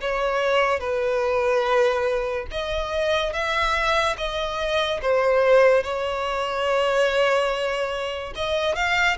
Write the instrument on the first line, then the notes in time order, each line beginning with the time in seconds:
violin
0.00 C#5
0.80 B4
2.51 D#5
3.33 E5
4.17 D#5
5.02 C5
5.83 C#5
8.35 D#5
8.75 F5